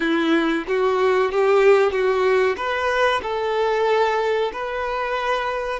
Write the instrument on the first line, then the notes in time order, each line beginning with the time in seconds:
violin
0.00 E4
0.67 F#4
1.31 G4
1.91 F#4
2.56 B4
3.22 A4
4.52 B4